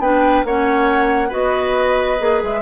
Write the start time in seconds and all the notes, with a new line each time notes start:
0.00 B3 D4 B4 G5
0.44 A#3 C#4 C#5 F#5
1.29 B3 F#4 B4 D#5
2.19 A#3 G#4
2.44 G#3 E5